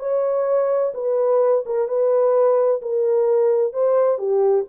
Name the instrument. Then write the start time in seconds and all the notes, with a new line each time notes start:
horn
0.00 C#5
0.95 B4
1.66 A#4
1.89 B4
2.82 A#4
3.73 C5
4.19 G4